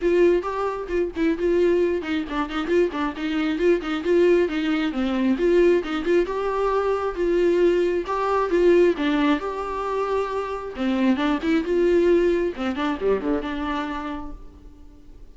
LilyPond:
\new Staff \with { instrumentName = "viola" } { \time 4/4 \tempo 4 = 134 f'4 g'4 f'8 e'8 f'4~ | f'8 dis'8 d'8 dis'8 f'8 d'8 dis'4 | f'8 dis'8 f'4 dis'4 c'4 | f'4 dis'8 f'8 g'2 |
f'2 g'4 f'4 | d'4 g'2. | c'4 d'8 e'8 f'2 | c'8 d'8 g8 d8 d'2 | }